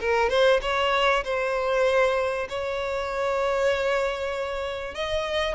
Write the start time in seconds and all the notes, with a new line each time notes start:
0.00 A#4
0.29 C5
0.62 C#5
1.24 C5
2.49 C#5
4.95 D#5